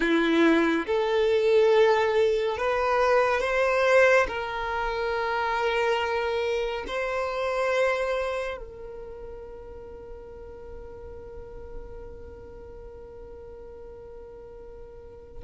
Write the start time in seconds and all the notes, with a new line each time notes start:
0.00 E4
0.86 A4
2.57 B4
3.41 C5
4.27 A#4
6.87 C5
8.57 A#4